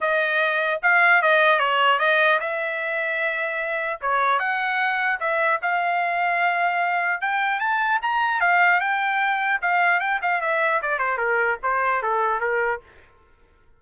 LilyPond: \new Staff \with { instrumentName = "trumpet" } { \time 4/4 \tempo 4 = 150 dis''2 f''4 dis''4 | cis''4 dis''4 e''2~ | e''2 cis''4 fis''4~ | fis''4 e''4 f''2~ |
f''2 g''4 a''4 | ais''4 f''4 g''2 | f''4 g''8 f''8 e''4 d''8 c''8 | ais'4 c''4 a'4 ais'4 | }